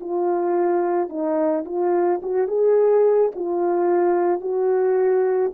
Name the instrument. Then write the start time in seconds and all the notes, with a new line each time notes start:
horn
0.00 F4
1.09 D#4
1.65 F4
2.22 F#4
2.47 G#4
3.35 F4
4.40 F#4